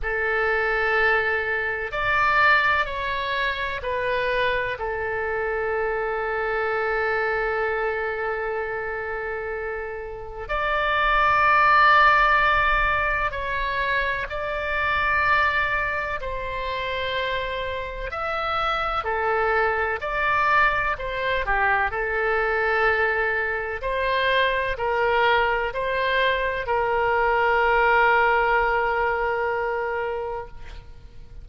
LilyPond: \new Staff \with { instrumentName = "oboe" } { \time 4/4 \tempo 4 = 63 a'2 d''4 cis''4 | b'4 a'2.~ | a'2. d''4~ | d''2 cis''4 d''4~ |
d''4 c''2 e''4 | a'4 d''4 c''8 g'8 a'4~ | a'4 c''4 ais'4 c''4 | ais'1 | }